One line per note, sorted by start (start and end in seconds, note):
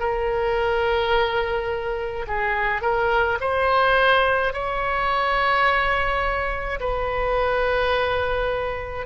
0.00 2.26 A#4
2.27 2.82 G#4
2.82 3.39 A#4
3.41 4.53 C5
4.53 6.80 C#5
6.80 9.07 B4